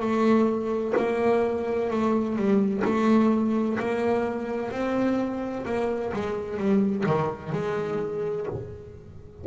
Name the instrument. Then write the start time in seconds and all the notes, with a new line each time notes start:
double bass
0.00 A3
0.97 A#3
1.90 A3
2.36 G3
2.84 A3
3.79 A#3
4.71 C4
5.65 A#3
6.13 G#3
6.57 G3
7.07 D#3
7.53 G#3